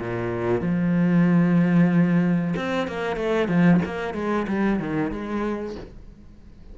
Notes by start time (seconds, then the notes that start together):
0.00 A#2
0.61 F3
2.56 C4
2.88 A#3
3.17 A3
3.48 F3
3.86 A#3
4.14 G#3
4.48 G3
4.80 D#3
5.11 G#3